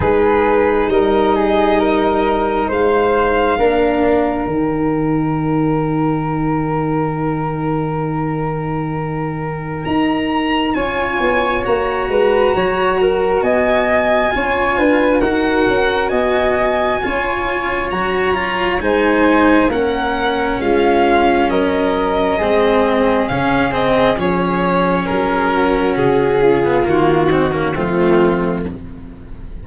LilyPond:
<<
  \new Staff \with { instrumentName = "violin" } { \time 4/4 \tempo 4 = 67 b'4 dis''2 f''4~ | f''4 g''2.~ | g''2. ais''4 | gis''4 ais''2 gis''4~ |
gis''4 fis''4 gis''2 | ais''4 gis''4 fis''4 f''4 | dis''2 f''8 dis''8 cis''4 | ais'4 gis'4 fis'4 f'4 | }
  \new Staff \with { instrumentName = "flute" } { \time 4/4 gis'4 ais'8 gis'8 ais'4 c''4 | ais'1~ | ais'1 | cis''4. b'8 cis''8 ais'8 dis''4 |
cis''8 b'8 ais'4 dis''4 cis''4~ | cis''4 c''4 ais'4 f'4 | ais'4 gis'2.~ | gis'8 fis'4 f'4 dis'16 cis'16 c'4 | }
  \new Staff \with { instrumentName = "cello" } { \time 4/4 dis'1 | d'4 dis'2.~ | dis'1 | f'4 fis'2. |
f'4 fis'2 f'4 | fis'8 f'8 dis'4 cis'2~ | cis'4 c'4 cis'8 c'8 cis'4~ | cis'4.~ cis'16 b16 ais8 c'16 ais16 a4 | }
  \new Staff \with { instrumentName = "tuba" } { \time 4/4 gis4 g2 gis4 | ais4 dis2.~ | dis2. dis'4 | cis'8 b8 ais8 gis8 fis4 b4 |
cis'8 d'8 dis'8 cis'8 b4 cis'4 | fis4 gis4 ais4 gis4 | fis4 gis4 cis4 f4 | fis4 cis4 dis4 f4 | }
>>